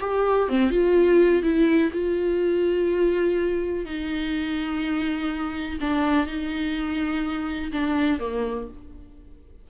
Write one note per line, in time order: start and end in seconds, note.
0.00 0.48 G4
0.48 0.70 C4
0.70 1.42 F4
1.42 1.90 E4
1.92 3.85 F4
3.85 5.78 D#4
5.80 6.26 D4
6.26 7.71 D#4
7.72 8.19 D4
8.19 8.67 A#3